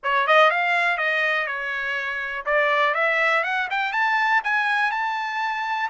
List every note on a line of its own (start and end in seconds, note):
0.03 0.27 C#5
0.27 0.50 D#5
0.50 0.97 F5
0.97 1.46 D#5
1.46 2.45 C#5
2.45 2.94 D5
2.94 3.43 E5
3.43 3.68 F#5
3.70 3.92 G5
3.92 4.41 A5
4.44 4.91 G#5
4.91 5.89 A5